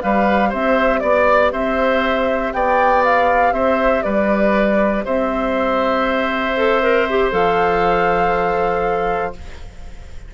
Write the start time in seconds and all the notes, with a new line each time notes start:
0.00 G3 G4 B4 F5
0.49 C4 C5 E5
0.99 B3 D5
1.52 C4 C5 E5
2.53 B3 D5 G5
3.04 F5
3.52 C4 C5 E5
4.02 G3 B4 D5
5.05 C4 C5 E5
6.56 A4
6.82 A#4
7.10 G4
7.32 F3 A4 F5